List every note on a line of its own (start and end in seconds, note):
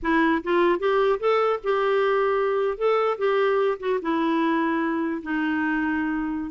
0.02 0.42 E4
0.43 0.79 F4
0.79 1.19 G4
1.19 1.59 A4
1.63 2.77 G4
2.77 3.17 A4
3.17 3.77 G4
3.79 3.99 F#4
4.01 5.21 E4
5.23 6.50 D#4